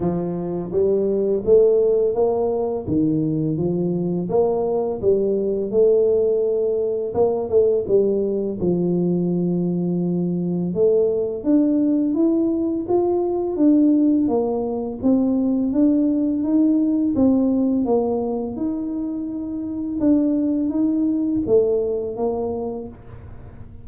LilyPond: \new Staff \with { instrumentName = "tuba" } { \time 4/4 \tempo 4 = 84 f4 g4 a4 ais4 | dis4 f4 ais4 g4 | a2 ais8 a8 g4 | f2. a4 |
d'4 e'4 f'4 d'4 | ais4 c'4 d'4 dis'4 | c'4 ais4 dis'2 | d'4 dis'4 a4 ais4 | }